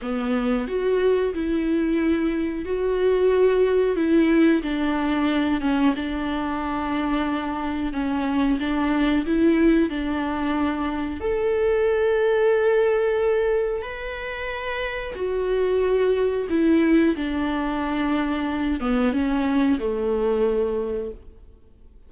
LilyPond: \new Staff \with { instrumentName = "viola" } { \time 4/4 \tempo 4 = 91 b4 fis'4 e'2 | fis'2 e'4 d'4~ | d'8 cis'8 d'2. | cis'4 d'4 e'4 d'4~ |
d'4 a'2.~ | a'4 b'2 fis'4~ | fis'4 e'4 d'2~ | d'8 b8 cis'4 a2 | }